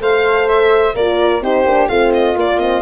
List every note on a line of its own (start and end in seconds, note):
0.00 0.94 A3
0.00 0.94 A4
0.00 0.94 C5
0.00 0.48 F5
0.48 0.95 E5
0.94 1.41 A#3
0.94 1.42 F4
0.94 1.41 A#4
0.94 1.43 D5
1.41 1.64 C4
1.41 1.65 D#4
1.41 1.89 G4
1.41 1.88 C5
1.64 1.88 A#3
1.64 1.89 D4
1.88 2.36 A3
1.88 2.35 C4
1.88 2.81 F4
1.88 2.12 F5
2.13 2.37 D#5
2.35 2.59 A#3
2.35 2.81 A#3
2.35 2.59 D5
2.59 2.81 C4
2.59 2.81 D#5